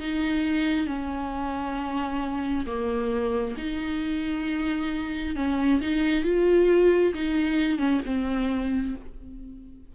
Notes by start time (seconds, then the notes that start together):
0.00 D#4
0.87 C#4
2.67 A#3
3.58 D#4
5.36 C#4
5.82 D#4
6.24 F4
7.15 D#4
7.79 C#4
8.06 C4